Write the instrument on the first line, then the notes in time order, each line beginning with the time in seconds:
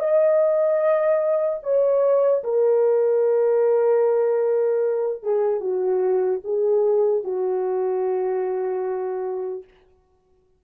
horn
0.00 D#5
1.63 C#5
2.44 A#4
5.23 G#4
5.61 F#4
6.44 G#4
7.24 F#4